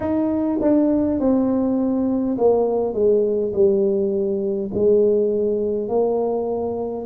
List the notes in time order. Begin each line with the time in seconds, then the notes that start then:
0.00 D#4
0.61 D4
1.19 C4
2.37 A#3
2.93 G#3
3.53 G3
4.73 G#3
5.88 A#3